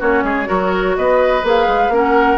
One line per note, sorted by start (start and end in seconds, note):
0.00 0.24 A#3
0.00 0.46 C#4
0.00 0.24 F#4
0.00 0.97 C#5
0.24 0.48 G#3
0.24 0.48 G#4
0.46 0.98 F#3
0.46 1.42 F#4
0.46 0.96 A#4
0.97 1.44 B3
0.97 1.94 B4
0.97 1.45 D#5
1.44 1.68 A#3
1.44 1.92 G#4
1.44 1.96 F5
1.68 1.89 G#3
1.89 2.37 A#3
1.89 2.38 C#4
1.89 2.38 A#4
1.96 2.38 F#5